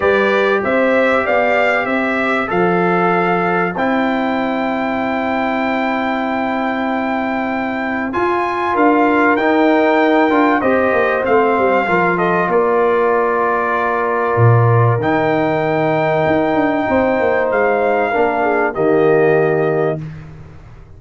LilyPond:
<<
  \new Staff \with { instrumentName = "trumpet" } { \time 4/4 \tempo 4 = 96 d''4 e''4 f''4 e''4 | f''2 g''2~ | g''1~ | g''4 gis''4 f''4 g''4~ |
g''4 dis''4 f''4. dis''8 | d''1 | g''1 | f''2 dis''2 | }
  \new Staff \with { instrumentName = "horn" } { \time 4/4 b'4 c''4 d''4 c''4~ | c''1~ | c''1~ | c''2 ais'2~ |
ais'4 c''2 ais'8 a'8 | ais'1~ | ais'2. c''4~ | c''4 ais'8 gis'8 g'2 | }
  \new Staff \with { instrumentName = "trombone" } { \time 4/4 g'1 | a'2 e'2~ | e'1~ | e'4 f'2 dis'4~ |
dis'8 f'8 g'4 c'4 f'4~ | f'1 | dis'1~ | dis'4 d'4 ais2 | }
  \new Staff \with { instrumentName = "tuba" } { \time 4/4 g4 c'4 b4 c'4 | f2 c'2~ | c'1~ | c'4 f'4 d'4 dis'4~ |
dis'8 d'8 c'8 ais8 a8 g8 f4 | ais2. ais,4 | dis2 dis'8 d'8 c'8 ais8 | gis4 ais4 dis2 | }
>>